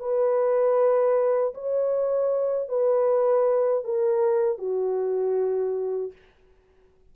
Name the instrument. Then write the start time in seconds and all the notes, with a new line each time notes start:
horn
0.00 B4
1.54 C#5
2.69 B4
3.84 A#4
4.58 F#4